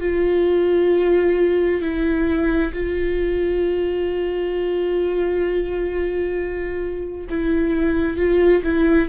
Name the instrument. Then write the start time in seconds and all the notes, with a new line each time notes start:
viola
0.00 F4
1.81 E4
2.73 F4
7.30 E4
8.17 F4
8.63 E4